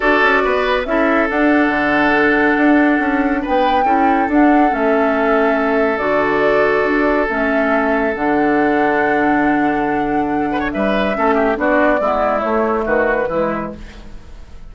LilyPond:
<<
  \new Staff \with { instrumentName = "flute" } { \time 4/4 \tempo 4 = 140 d''2 e''4 fis''4~ | fis''1 | g''2 fis''4 e''4~ | e''2 d''2~ |
d''4 e''2 fis''4~ | fis''1~ | fis''4 e''2 d''4~ | d''4 cis''4 b'2 | }
  \new Staff \with { instrumentName = "oboe" } { \time 4/4 a'4 b'4 a'2~ | a'1 | b'4 a'2.~ | a'1~ |
a'1~ | a'1~ | a'8 b'16 cis''16 b'4 a'8 g'8 fis'4 | e'2 fis'4 e'4 | }
  \new Staff \with { instrumentName = "clarinet" } { \time 4/4 fis'2 e'4 d'4~ | d'1~ | d'4 e'4 d'4 cis'4~ | cis'2 fis'2~ |
fis'4 cis'2 d'4~ | d'1~ | d'2 cis'4 d'4 | b4 a2 gis4 | }
  \new Staff \with { instrumentName = "bassoon" } { \time 4/4 d'8 cis'8 b4 cis'4 d'4 | d2 d'4 cis'4 | b4 cis'4 d'4 a4~ | a2 d2 |
d'4 a2 d4~ | d1~ | d4 g4 a4 b4 | gis4 a4 dis4 e4 | }
>>